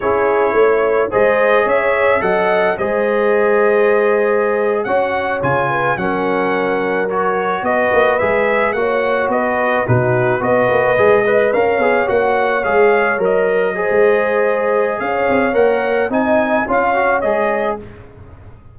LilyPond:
<<
  \new Staff \with { instrumentName = "trumpet" } { \time 4/4 \tempo 4 = 108 cis''2 dis''4 e''4 | fis''4 dis''2.~ | dis''8. fis''4 gis''4 fis''4~ fis''16~ | fis''8. cis''4 dis''4 e''4 fis''16~ |
fis''8. dis''4 b'4 dis''4~ dis''16~ | dis''8. f''4 fis''4 f''4 dis''16~ | dis''2. f''4 | fis''4 gis''4 f''4 dis''4 | }
  \new Staff \with { instrumentName = "horn" } { \time 4/4 gis'4 cis''4 c''4 cis''4 | dis''4 c''2.~ | c''8. cis''4. b'8 ais'4~ ais'16~ | ais'4.~ ais'16 b'2 cis''16~ |
cis''8. b'4 fis'4 b'4~ b'16~ | b'16 dis''8 cis''2.~ cis''16~ | cis''8. c''2~ c''16 cis''4~ | cis''4 dis''4 cis''2 | }
  \new Staff \with { instrumentName = "trombone" } { \time 4/4 e'2 gis'2 | a'4 gis'2.~ | gis'8. fis'4 f'4 cis'4~ cis'16~ | cis'8. fis'2 gis'4 fis'16~ |
fis'4.~ fis'16 dis'4 fis'4 gis'16~ | gis'16 b'8 ais'8 gis'8 fis'4 gis'4 ais'16~ | ais'8. gis'2.~ gis'16 | ais'4 dis'4 f'8 fis'8 gis'4 | }
  \new Staff \with { instrumentName = "tuba" } { \time 4/4 cis'4 a4 gis4 cis'4 | fis4 gis2.~ | gis8. cis'4 cis4 fis4~ fis16~ | fis4.~ fis16 b8 ais8 gis4 ais16~ |
ais8. b4 b,4 b8 ais8 gis16~ | gis8. cis'8 b8 ais4 gis4 fis16~ | fis4 gis2 cis'8 c'8 | ais4 c'4 cis'4 gis4 | }
>>